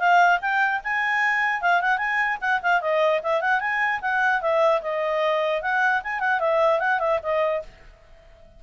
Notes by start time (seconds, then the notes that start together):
0.00 F5
0.42 G5
0.84 G#5
1.62 F5
1.81 F#5
1.98 G#5
2.41 F#5
2.63 F5
2.81 D#5
3.23 E5
3.42 F#5
3.61 G#5
4.02 F#5
4.42 E5
4.82 D#5
5.62 F#5
6.04 G#5
6.20 F#5
6.40 E5
6.80 F#5
7.00 E5
7.23 D#5